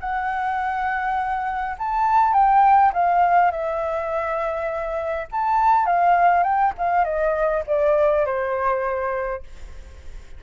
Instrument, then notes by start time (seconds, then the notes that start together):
flute
0.00 F#5
1.79 A5
2.33 G5
2.93 F5
3.51 E5
5.32 A5
5.86 F5
6.43 G5
6.78 F5
7.05 D#5
7.67 D5
8.26 C5